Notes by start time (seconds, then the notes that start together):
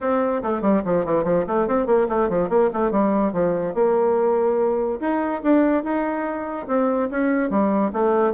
0.00 C4
0.43 A3
0.61 G3
0.84 F3
1.05 E3
1.24 F3
1.47 A3
1.67 C4
1.86 A#3
2.08 A3
2.29 F3
2.49 A#3
2.73 A3
2.91 G3
3.32 F3
3.74 A#3
5.00 D#4
5.42 D4
5.83 D#4
6.67 C4
7.10 C#4
7.50 G3
7.92 A3